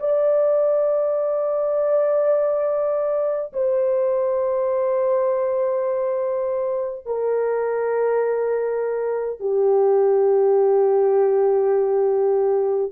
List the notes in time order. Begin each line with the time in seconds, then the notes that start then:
0.00 D5
3.53 C5
7.06 A#4
9.40 G4